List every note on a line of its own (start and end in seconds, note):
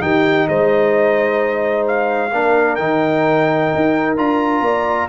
0.00 0.48 D#3
0.00 2.31 D#4
0.00 0.49 G4
0.00 0.48 G5
0.48 2.33 G#3
0.48 2.33 C5
0.48 1.87 D#5
1.88 2.76 F5
2.33 2.79 A#3
2.33 2.79 D4
2.33 4.64 A#4
2.76 3.72 D#3
2.76 4.17 D#4
2.76 4.14 G5
3.75 4.18 D#4
4.17 4.61 D4
4.17 5.08 F4
4.17 5.08 A#5
4.61 5.07 A#3
4.61 5.08 D5